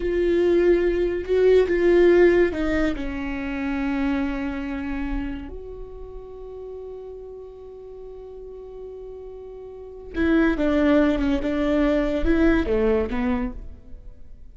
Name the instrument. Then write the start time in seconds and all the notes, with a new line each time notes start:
viola
0.00 F4
1.24 F#4
1.67 F4
2.52 D#4
2.95 C#4
5.49 F#4
10.15 E4
10.57 D4
11.18 C#4
11.42 D4
12.24 E4
12.66 A3
13.09 B3